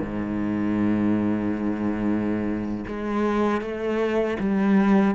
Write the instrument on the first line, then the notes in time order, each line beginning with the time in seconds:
cello
0.00 G#2
2.87 G#3
3.61 A3
4.40 G3